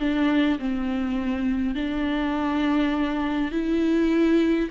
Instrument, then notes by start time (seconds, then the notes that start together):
viola
0.00 D4
0.59 C4
1.75 D4
3.52 E4